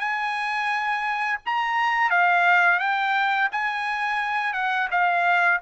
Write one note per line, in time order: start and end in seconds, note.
0.00 1.40 G#5
1.46 2.11 A#5
2.11 2.80 F5
2.80 3.49 G5
3.52 4.54 G#5
4.54 4.89 F#5
4.91 5.61 F5